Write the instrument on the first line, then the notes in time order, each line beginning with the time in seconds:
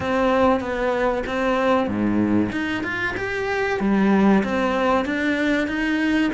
cello
0.00 C4
0.60 B3
1.26 C4
1.87 G#2
2.52 D#4
2.83 F4
3.17 G4
3.80 G3
4.43 C4
5.05 D4
5.67 D#4